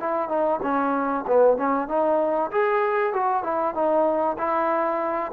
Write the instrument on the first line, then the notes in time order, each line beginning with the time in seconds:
trombone
0.00 E4
0.29 D#4
0.62 C#4
1.27 B3
1.57 C#4
1.88 D#4
2.51 G#4
3.13 F#4
3.43 E4
3.74 D#4
4.38 E4